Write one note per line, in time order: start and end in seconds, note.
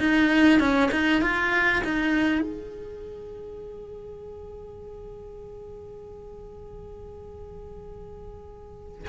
0.00 0.60 D#4
0.60 0.90 C#4
0.92 1.22 D#4
1.22 1.83 F4
1.85 2.42 D#4
2.42 9.08 G#4